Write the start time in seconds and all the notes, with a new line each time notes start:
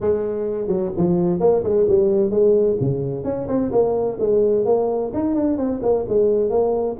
0.01 G#3
0.67 F#3
0.96 F3
1.40 A#3
1.63 G#3
1.88 G3
2.30 G#3
2.80 C#3
3.23 C#4
3.48 C4
3.71 A#3
4.19 G#3
4.65 A#3
5.13 D#4
5.34 D4
5.57 C4
5.82 A#3
6.08 G#3
6.50 A#3